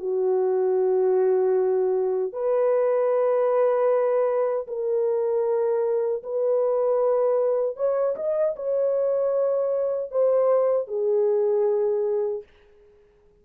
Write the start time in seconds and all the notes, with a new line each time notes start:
0.00 F#4
2.33 B4
4.68 A#4
6.24 B4
7.77 C#5
8.16 D#5
8.56 C#5
10.12 C5
10.88 G#4